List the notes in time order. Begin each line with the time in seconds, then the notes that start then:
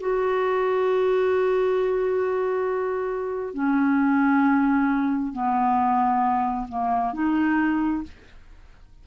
0.00 F#4
3.54 C#4
5.32 B3
6.69 A#3
7.14 D#4